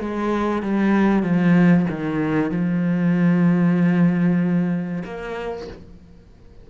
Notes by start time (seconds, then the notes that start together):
0.00 G#3
0.63 G3
1.23 F3
1.90 D#3
2.51 F3
5.04 A#3